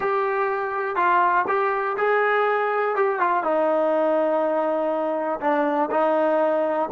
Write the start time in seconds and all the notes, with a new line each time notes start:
0.00 G4
0.96 F4
1.47 G4
1.97 G#4
2.95 G4
3.19 F4
3.43 D#4
5.40 D4
5.90 D#4